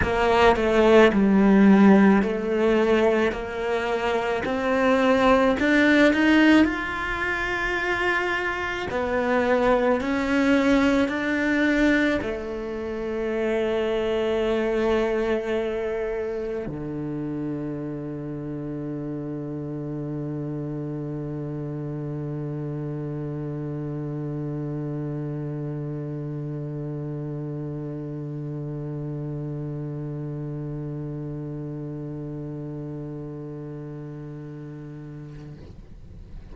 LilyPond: \new Staff \with { instrumentName = "cello" } { \time 4/4 \tempo 4 = 54 ais8 a8 g4 a4 ais4 | c'4 d'8 dis'8 f'2 | b4 cis'4 d'4 a4~ | a2. d4~ |
d1~ | d1~ | d1~ | d1 | }